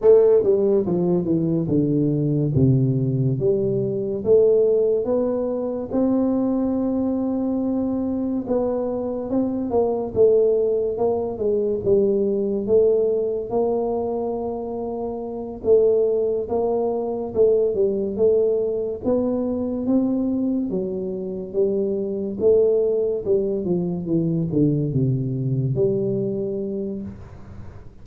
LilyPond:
\new Staff \with { instrumentName = "tuba" } { \time 4/4 \tempo 4 = 71 a8 g8 f8 e8 d4 c4 | g4 a4 b4 c'4~ | c'2 b4 c'8 ais8 | a4 ais8 gis8 g4 a4 |
ais2~ ais8 a4 ais8~ | ais8 a8 g8 a4 b4 c'8~ | c'8 fis4 g4 a4 g8 | f8 e8 d8 c4 g4. | }